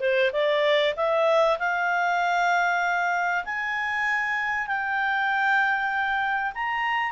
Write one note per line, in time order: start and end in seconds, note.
0.00 0.31 C5
0.32 0.94 D5
0.96 1.58 E5
1.59 3.44 F5
3.45 4.67 G#5
4.67 6.52 G5
6.55 7.12 A#5